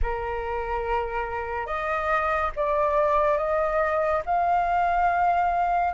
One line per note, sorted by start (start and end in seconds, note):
0.02 1.66 A#4
1.66 2.50 D#5
2.55 3.37 D5
3.37 4.22 D#5
4.25 5.93 F5